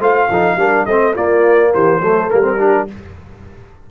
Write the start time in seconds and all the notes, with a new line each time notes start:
0.00 A3 F4 C5 F5
0.30 F3 D#4 A4
0.57 G3 D4 A#4
0.86 A3 C4 C5 D#5
1.15 A#3 F4 D5
1.75 E3 G4 C5
2.01 F#3 A3 A4
2.31 G3 A#3 A#4
2.42 C4
2.57 D4 G4